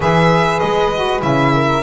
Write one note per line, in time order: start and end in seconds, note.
0.00 0.60 E3
0.00 0.92 G#4
0.00 1.53 B4
0.00 0.59 E5
0.59 1.22 G#3
0.59 1.20 D#5
0.94 1.20 F#4
1.20 1.82 C#3
1.20 1.81 E4
1.20 1.82 E5
1.53 1.82 A#4